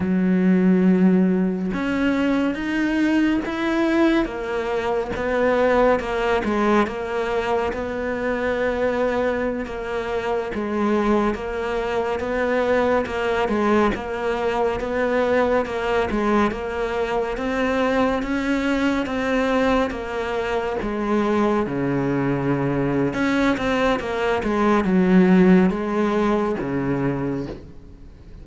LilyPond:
\new Staff \with { instrumentName = "cello" } { \time 4/4 \tempo 4 = 70 fis2 cis'4 dis'4 | e'4 ais4 b4 ais8 gis8 | ais4 b2~ b16 ais8.~ | ais16 gis4 ais4 b4 ais8 gis16~ |
gis16 ais4 b4 ais8 gis8 ais8.~ | ais16 c'4 cis'4 c'4 ais8.~ | ais16 gis4 cis4.~ cis16 cis'8 c'8 | ais8 gis8 fis4 gis4 cis4 | }